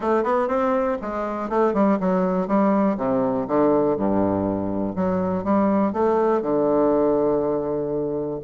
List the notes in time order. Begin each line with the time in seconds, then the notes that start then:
0.00 A3
0.23 B3
0.48 C4
1.01 G#3
1.49 A3
1.73 G3
1.99 F#3
2.47 G3
2.97 C3
3.47 D3
3.97 G2
4.95 F#3
5.44 G3
5.92 A3
6.41 D3